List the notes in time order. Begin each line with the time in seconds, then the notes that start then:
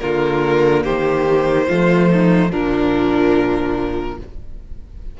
0.00 D3 A#3 F4 A#4
0.84 D#3 G4 C5
1.68 F3 A3 F4
2.13 D#4
2.51 A#2 F3 D4 A#4